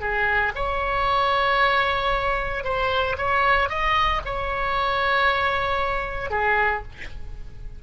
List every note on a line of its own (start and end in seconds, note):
0.00 0.52 G#4
0.55 2.63 C#5
2.64 3.16 C5
3.17 3.69 C#5
3.69 4.21 D#5
4.25 6.30 C#5
6.30 6.82 G#4